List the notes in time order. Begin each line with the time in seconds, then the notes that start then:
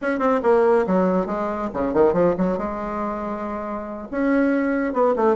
0.01 C#4
0.19 C4
0.42 A#3
0.86 F#3
1.26 G#3
1.73 C#3
1.93 D#3
2.13 F3
2.37 F#3
2.58 G#3
4.11 C#4
4.93 B3
5.15 A3